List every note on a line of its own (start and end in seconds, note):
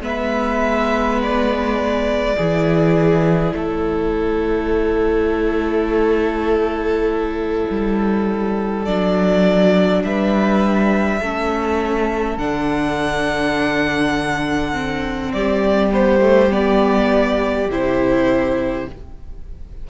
0.00 2.35 G#3
0.00 2.36 B3
0.00 2.36 B4
0.00 1.21 E5
1.22 3.57 D5
2.36 3.52 E3
2.36 8.86 E4
2.36 3.53 G#4
3.52 7.64 A3
3.52 10.02 A4
3.52 8.85 C#5
7.70 8.86 G3
8.85 10.04 F#3
8.85 11.21 D4
8.85 10.02 D5
10.04 11.20 G3
10.04 11.22 B4
10.04 12.37 E5
11.20 12.37 A3
11.20 12.38 C#4
11.20 15.33 A4
12.37 15.31 D3
12.37 14.72 D4
12.37 15.32 F#5
14.72 15.90 C4
15.33 17.68 G3
15.33 18.86 G4
15.33 15.91 D5
15.91 16.20 B3
15.91 16.52 C5
16.20 16.49 A3
16.50 17.67 B3
16.50 17.69 D5
17.68 18.85 C3
17.68 18.88 E4
17.68 18.89 C5